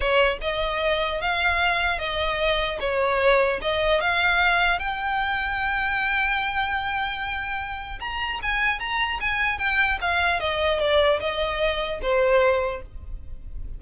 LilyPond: \new Staff \with { instrumentName = "violin" } { \time 4/4 \tempo 4 = 150 cis''4 dis''2 f''4~ | f''4 dis''2 cis''4~ | cis''4 dis''4 f''2 | g''1~ |
g''1 | ais''4 gis''4 ais''4 gis''4 | g''4 f''4 dis''4 d''4 | dis''2 c''2 | }